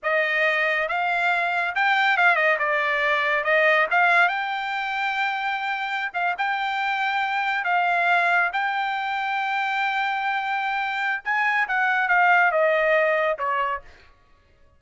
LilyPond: \new Staff \with { instrumentName = "trumpet" } { \time 4/4 \tempo 4 = 139 dis''2 f''2 | g''4 f''8 dis''8 d''2 | dis''4 f''4 g''2~ | g''2~ g''16 f''8 g''4~ g''16~ |
g''4.~ g''16 f''2 g''16~ | g''1~ | g''2 gis''4 fis''4 | f''4 dis''2 cis''4 | }